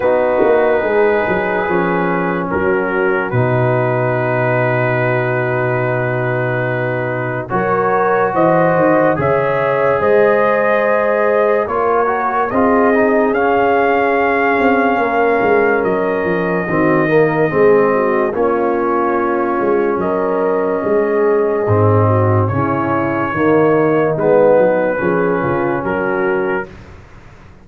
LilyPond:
<<
  \new Staff \with { instrumentName = "trumpet" } { \time 4/4 \tempo 4 = 72 b'2. ais'4 | b'1~ | b'4 cis''4 dis''4 e''4 | dis''2 cis''4 dis''4 |
f''2. dis''4~ | dis''2 cis''2 | dis''2. cis''4~ | cis''4 b'2 ais'4 | }
  \new Staff \with { instrumentName = "horn" } { \time 4/4 fis'4 gis'2 fis'4~ | fis'1~ | fis'4 ais'4 c''4 cis''4 | c''2 ais'4 gis'4~ |
gis'2 ais'2 | fis'8 ais'8 gis'8 fis'8 f'2 | ais'4 gis'4. fis'8 e'4 | dis'2 gis'8 f'8 fis'4 | }
  \new Staff \with { instrumentName = "trombone" } { \time 4/4 dis'2 cis'2 | dis'1~ | dis'4 fis'2 gis'4~ | gis'2 f'8 fis'8 f'8 dis'8 |
cis'1 | c'8 ais8 c'4 cis'2~ | cis'2 c'4 cis'4 | ais4 b4 cis'2 | }
  \new Staff \with { instrumentName = "tuba" } { \time 4/4 b8 ais8 gis8 fis8 f4 fis4 | b,1~ | b,4 fis4 e8 dis8 cis4 | gis2 ais4 c'4 |
cis'4. c'8 ais8 gis8 fis8 f8 | dis4 gis4 ais4. gis8 | fis4 gis4 gis,4 cis4 | dis4 gis8 fis8 f8 cis8 fis4 | }
>>